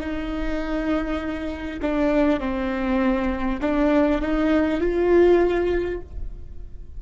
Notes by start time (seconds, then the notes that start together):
0.00 D#4
1.82 D4
2.40 C4
3.62 D4
4.22 D#4
4.81 F4